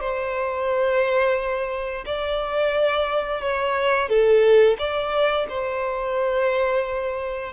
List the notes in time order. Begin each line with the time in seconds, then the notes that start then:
0.00 C5
2.05 D5
3.41 C#5
4.09 A4
4.79 D5
5.49 C5